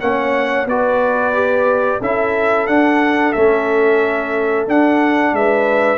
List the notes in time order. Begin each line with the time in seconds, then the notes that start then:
0.00 A#3 C#4 C#5 F#5
0.66 B3 F#4 B4 D5
1.33 G4
2.00 C#4 E4 A4 E5
2.67 D4 F#5
3.32 A3 C#4 E5
4.67 D4 F#5
5.32 G#3 B4 E5